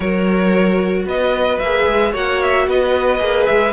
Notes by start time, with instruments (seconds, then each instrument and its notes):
0.00 cello F#3, viola F#4, violin A#4 C#5
1.05 cello B3, violin B4 D#5
1.59 cello A#3, viola G#4, violin E5
1.86 cello G#3
2.11 cello A#3, viola F#4, violin C#5 F#5
2.42 violin E5
2.67 cello B3, violin B4 D#5
3.19 cello A#3, viola G#4
3.46 cello G#3, violin E5